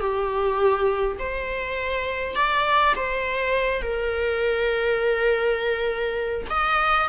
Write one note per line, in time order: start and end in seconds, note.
0.00 1.18 G4
1.19 2.36 C5
2.36 2.94 D5
2.96 3.82 C5
3.82 6.47 A#4
6.50 7.09 D#5